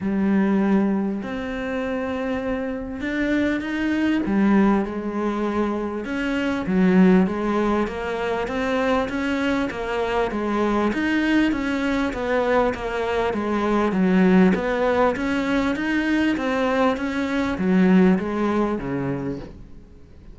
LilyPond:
\new Staff \with { instrumentName = "cello" } { \time 4/4 \tempo 4 = 99 g2 c'2~ | c'4 d'4 dis'4 g4 | gis2 cis'4 fis4 | gis4 ais4 c'4 cis'4 |
ais4 gis4 dis'4 cis'4 | b4 ais4 gis4 fis4 | b4 cis'4 dis'4 c'4 | cis'4 fis4 gis4 cis4 | }